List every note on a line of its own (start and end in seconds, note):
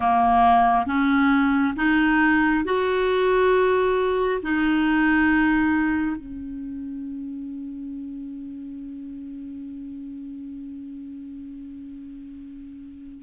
0.00 0.85 A#3
0.86 1.74 C#4
1.76 2.64 D#4
2.64 4.41 F#4
4.42 6.16 D#4
6.16 13.22 C#4